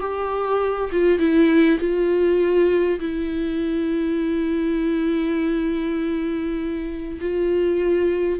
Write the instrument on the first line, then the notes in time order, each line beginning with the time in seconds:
viola
0.00 G4
0.92 F4
1.19 E4
1.79 F4
3.00 E4
7.21 F4